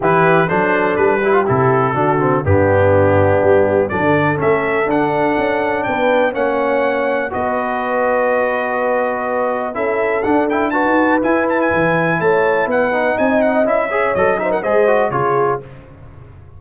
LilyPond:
<<
  \new Staff \with { instrumentName = "trumpet" } { \time 4/4 \tempo 4 = 123 b'4 c''4 b'4 a'4~ | a'4 g'2. | d''4 e''4 fis''2 | g''4 fis''2 dis''4~ |
dis''1 | e''4 fis''8 g''8 a''4 gis''8 a''16 gis''16~ | gis''4 a''4 fis''4 gis''8 fis''8 | e''4 dis''8 e''16 fis''16 dis''4 cis''4 | }
  \new Staff \with { instrumentName = "horn" } { \time 4/4 g'4 a'4. g'4. | fis'4 d'2. | a'1 | b'4 cis''2 b'4~ |
b'1 | a'2 b'2~ | b'4 cis''4 b'4 dis''4~ | dis''8 cis''4 c''16 ais'16 c''4 gis'4 | }
  \new Staff \with { instrumentName = "trombone" } { \time 4/4 e'4 d'4. e'16 f'16 e'4 | d'8 c'8 b2. | d'4 cis'4 d'2~ | d'4 cis'2 fis'4~ |
fis'1 | e'4 d'8 e'8 fis'4 e'4~ | e'2~ e'8 dis'4. | e'8 gis'8 a'8 dis'8 gis'8 fis'8 f'4 | }
  \new Staff \with { instrumentName = "tuba" } { \time 4/4 e4 fis4 g4 c4 | d4 g,2 g4 | fis16 d8. a4 d'4 cis'4 | b4 ais2 b4~ |
b1 | cis'4 d'4~ d'16 dis'8. e'4 | e4 a4 b4 c'4 | cis'4 fis4 gis4 cis4 | }
>>